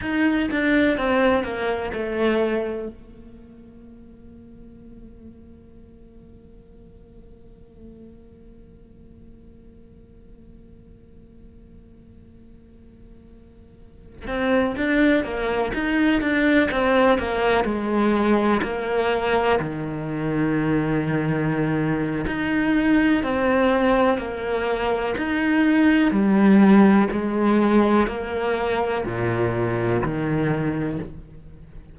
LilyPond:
\new Staff \with { instrumentName = "cello" } { \time 4/4 \tempo 4 = 62 dis'8 d'8 c'8 ais8 a4 ais4~ | ais1~ | ais1~ | ais2~ ais8. c'8 d'8 ais16~ |
ais16 dis'8 d'8 c'8 ais8 gis4 ais8.~ | ais16 dis2~ dis8. dis'4 | c'4 ais4 dis'4 g4 | gis4 ais4 ais,4 dis4 | }